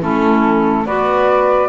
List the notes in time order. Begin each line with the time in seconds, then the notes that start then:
0.00 A3 C#4 E4 A4
0.85 B3 F#4 B4 D5